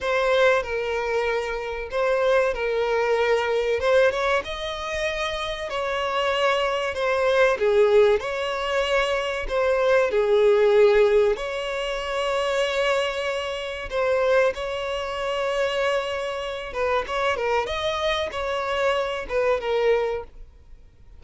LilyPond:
\new Staff \with { instrumentName = "violin" } { \time 4/4 \tempo 4 = 95 c''4 ais'2 c''4 | ais'2 c''8 cis''8 dis''4~ | dis''4 cis''2 c''4 | gis'4 cis''2 c''4 |
gis'2 cis''2~ | cis''2 c''4 cis''4~ | cis''2~ cis''8 b'8 cis''8 ais'8 | dis''4 cis''4. b'8 ais'4 | }